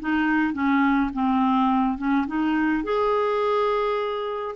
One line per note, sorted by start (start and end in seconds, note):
0.00 0.53 D#4
0.53 1.10 C#4
1.13 1.97 C4
1.97 2.26 C#4
2.26 2.84 D#4
2.84 4.55 G#4